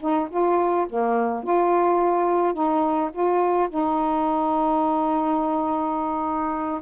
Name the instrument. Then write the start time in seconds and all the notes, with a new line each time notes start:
saxophone
0.00 D#4
0.30 F4
0.89 A#3
1.44 F4
2.54 D#4
3.12 F4
3.70 D#4